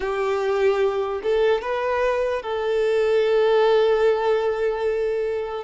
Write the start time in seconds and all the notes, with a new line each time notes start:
0.00 G4
1.22 A4
1.61 B4
2.42 A4